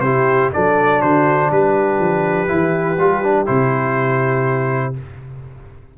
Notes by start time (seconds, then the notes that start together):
0.00 C3 E4 G4 C5
0.53 F#3 D4 A4 D5
1.01 D3 F#4 C5
1.51 G3 G4 B4
1.99 F3
2.48 E3 E4
2.99 G3 F4
3.23 D4
3.46 C3 E4 C5